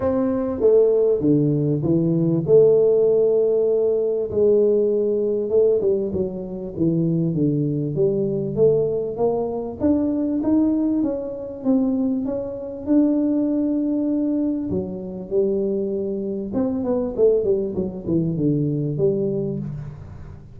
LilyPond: \new Staff \with { instrumentName = "tuba" } { \time 4/4 \tempo 4 = 98 c'4 a4 d4 e4 | a2. gis4~ | gis4 a8 g8 fis4 e4 | d4 g4 a4 ais4 |
d'4 dis'4 cis'4 c'4 | cis'4 d'2. | fis4 g2 c'8 b8 | a8 g8 fis8 e8 d4 g4 | }